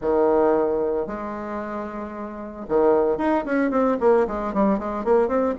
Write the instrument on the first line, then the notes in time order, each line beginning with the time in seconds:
bassoon
0.01 D#3
1.06 G#3
2.68 D#3
3.17 D#4
3.45 C#4
3.70 C4
4.00 A#3
4.27 G#3
4.53 G3
4.78 G#3
5.04 A#3
5.27 C4